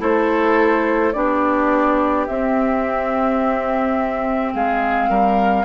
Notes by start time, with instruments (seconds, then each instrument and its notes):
0.00 bassoon A3, clarinet E4, oboe A4, flute C5
1.12 bassoon B3, clarinet D4, oboe G4, flute D5
2.27 bassoon C4, clarinet C4, flute E5
4.53 bassoon G#3, oboe G#4, flute F5
5.09 bassoon G3, oboe A#4